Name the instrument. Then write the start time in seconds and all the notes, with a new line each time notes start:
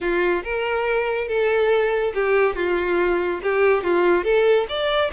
violin
0.00 F4
0.43 A#4
1.28 A4
2.14 G4
2.55 F4
3.43 G4
3.83 F4
4.24 A4
4.68 D5